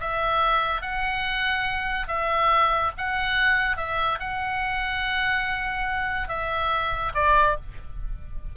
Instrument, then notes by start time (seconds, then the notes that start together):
oboe
0.00 E5
0.81 F#5
2.08 E5
2.98 F#5
3.77 E5
4.20 F#5
6.28 E5
7.15 D5